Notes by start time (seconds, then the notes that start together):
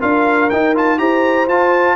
0.00 D4 F4 A#4 F5
0.50 D#4 G5
0.74 F4 A5
0.98 E4 G4 C5 A#5
1.48 F4 A5